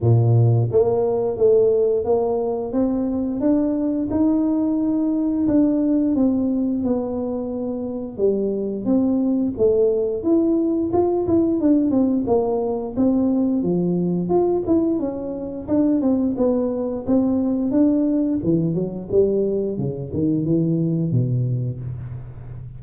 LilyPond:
\new Staff \with { instrumentName = "tuba" } { \time 4/4 \tempo 4 = 88 ais,4 ais4 a4 ais4 | c'4 d'4 dis'2 | d'4 c'4 b2 | g4 c'4 a4 e'4 |
f'8 e'8 d'8 c'8 ais4 c'4 | f4 f'8 e'8 cis'4 d'8 c'8 | b4 c'4 d'4 e8 fis8 | g4 cis8 dis8 e4 b,4 | }